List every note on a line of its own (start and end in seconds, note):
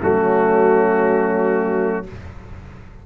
0.00 2.06 F#3
0.00 2.03 A3
0.00 2.06 C#4
0.00 2.06 F#4